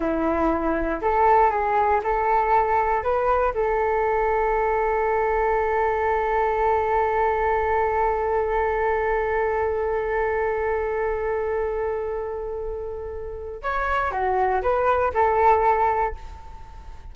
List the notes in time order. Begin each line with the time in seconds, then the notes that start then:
0.00 E4
1.01 A4
1.50 G#4
2.03 A4
3.03 B4
3.53 A4
13.62 C#5
14.11 F#4
14.61 B4
15.14 A4